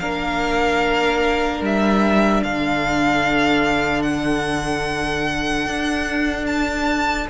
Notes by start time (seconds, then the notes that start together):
0.00 A#3 D4 A#4 F5
1.61 G3 E5
2.43 D3 A4 F5
4.03 F#5
5.66 D4
6.46 A5